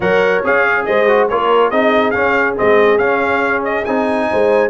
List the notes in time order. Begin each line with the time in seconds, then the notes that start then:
0.00 F#3 A#4 C#5 F#5
0.44 C#4 G#4 F5
0.85 G#3 C5 D#5
1.07 F#4
1.29 A#3 F4 A#4 C#5
1.70 C4 D#4 G#4 D#5
2.10 C#4 F5
2.56 G#3 C4 D#5
2.98 C#4 F5
3.64 D#5
3.84 C4 D#4 G#5
4.30 G#3 C5